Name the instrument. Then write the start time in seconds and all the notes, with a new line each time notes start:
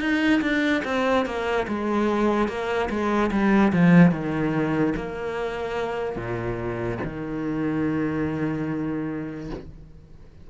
cello
0.00 D#4
0.41 D4
0.84 C4
1.26 A#3
1.68 G#3
2.48 A#3
2.90 G#3
3.31 G3
3.72 F3
4.11 D#3
4.96 A#3
6.16 A#2
7.03 D#3